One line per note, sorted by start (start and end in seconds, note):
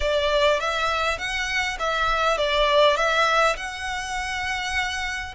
0.00 0.59 D5
0.59 1.18 E5
1.18 1.77 F#5
1.79 2.37 E5
2.37 2.96 D5
2.96 3.56 E5
3.56 5.34 F#5